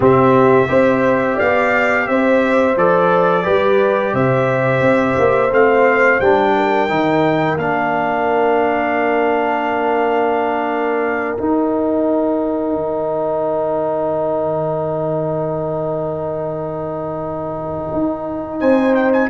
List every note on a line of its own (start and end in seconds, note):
0.00 0.68 C3
0.00 0.67 C4
0.00 0.68 G4
0.00 1.39 E5
0.67 1.38 C4
0.67 2.74 G4
0.67 1.35 C5
1.35 2.08 B3
1.35 2.04 D5
1.35 2.07 F5
2.07 2.76 C4
2.07 3.44 C5
2.07 2.76 E5
2.76 3.45 F3
2.76 3.43 A4
2.76 4.15 D5
3.43 4.13 G3
3.43 5.50 G4
3.43 4.12 B4
4.13 4.80 C3
4.13 6.55 C5
4.13 5.52 E5
4.80 5.15 C4
5.18 5.51 A#3
5.51 6.20 A3
5.51 6.21 C4
5.51 6.20 F5
6.20 6.89 G3
6.20 6.89 D4
6.20 7.58 G5
6.55 18.59 A#4
6.89 7.56 D#3
6.89 7.57 D#4
7.56 11.35 A#3
7.56 11.37 D4
7.56 11.36 F5
11.36 19.30 D#4
11.36 12.75 D#4
11.36 18.59 G5
12.75 17.92 D#3
17.92 18.61 D#4
18.59 19.30 C4
18.59 19.28 C5
18.59 18.94 G#5
18.94 19.12 G5
19.12 19.30 G#5